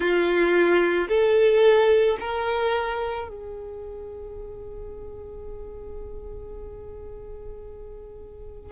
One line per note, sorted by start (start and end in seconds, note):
0.00 1.08 F4
1.08 2.17 A4
2.20 3.28 A#4
3.28 8.71 G#4